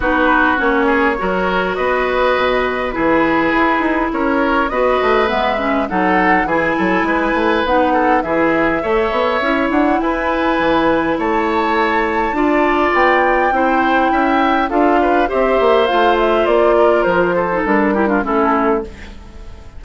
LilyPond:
<<
  \new Staff \with { instrumentName = "flute" } { \time 4/4 \tempo 4 = 102 b'4 cis''2 dis''4~ | dis''4 b'2 cis''4 | dis''4 e''4 fis''4 gis''4~ | gis''4 fis''4 e''2~ |
e''8 fis''8 gis''2 a''4~ | a''2 g''2~ | g''4 f''4 e''4 f''8 e''8 | d''4 c''4 ais'4 a'4 | }
  \new Staff \with { instrumentName = "oboe" } { \time 4/4 fis'4. gis'8 ais'4 b'4~ | b'4 gis'2 ais'4 | b'2 a'4 gis'8 a'8 | b'4. a'8 gis'4 cis''4~ |
cis''4 b'2 cis''4~ | cis''4 d''2 c''4 | e''4 a'8 b'8 c''2~ | c''8 ais'4 a'4 g'16 f'16 e'4 | }
  \new Staff \with { instrumentName = "clarinet" } { \time 4/4 dis'4 cis'4 fis'2~ | fis'4 e'2. | fis'4 b8 cis'8 dis'4 e'4~ | e'4 dis'4 e'4 a'4 |
e'1~ | e'4 f'2 e'4~ | e'4 f'4 g'4 f'4~ | f'4.~ f'16 dis'16 d'8 e'16 d'16 cis'4 | }
  \new Staff \with { instrumentName = "bassoon" } { \time 4/4 b4 ais4 fis4 b4 | b,4 e4 e'8 dis'8 cis'4 | b8 a8 gis4 fis4 e8 fis8 | gis8 a8 b4 e4 a8 b8 |
cis'8 d'8 e'4 e4 a4~ | a4 d'4 b4 c'4 | cis'4 d'4 c'8 ais8 a4 | ais4 f4 g4 a4 | }
>>